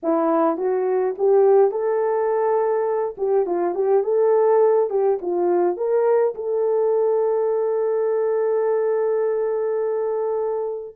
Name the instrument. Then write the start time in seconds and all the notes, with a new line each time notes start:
horn
0.02 E4
0.57 F#4
1.18 G4
1.71 A4
3.17 G4
3.46 F4
3.74 G4
4.03 A4
4.90 G4
5.21 F4
5.76 A#4
6.35 A4